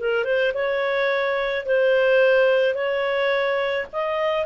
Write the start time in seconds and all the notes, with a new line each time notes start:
0.00 A#4
0.25 C5
0.54 C#5
1.66 C5
2.75 C#5
3.93 D#5